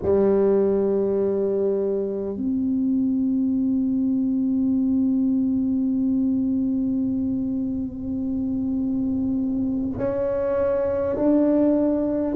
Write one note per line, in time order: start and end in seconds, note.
0.02 2.36 G3
2.36 9.98 C4
9.98 11.16 C#4
11.16 12.34 D4